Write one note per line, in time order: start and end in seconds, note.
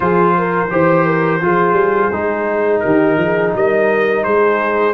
0.00 0.70 F3
0.00 0.67 F4
0.00 0.37 G#4
0.00 2.79 C5
0.37 0.71 A#4
0.70 1.41 E3
0.70 1.41 G4
0.70 1.05 C5
1.05 1.40 A#4
1.41 1.72 F3
1.41 2.11 F4
1.41 2.82 G#4
1.72 2.07 G3
2.11 2.82 G#3
2.11 4.93 D#4
2.79 3.17 D#3
2.79 3.17 G4
2.79 3.50 A#4
3.17 3.52 F3
3.17 3.55 G#4
3.54 4.25 G3
3.54 4.24 A#4
3.54 4.23 D#5
4.23 4.93 G#3
4.23 4.93 G#4
4.23 4.93 C5